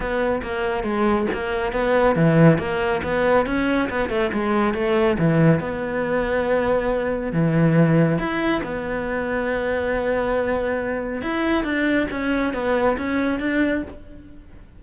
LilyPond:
\new Staff \with { instrumentName = "cello" } { \time 4/4 \tempo 4 = 139 b4 ais4 gis4 ais4 | b4 e4 ais4 b4 | cis'4 b8 a8 gis4 a4 | e4 b2.~ |
b4 e2 e'4 | b1~ | b2 e'4 d'4 | cis'4 b4 cis'4 d'4 | }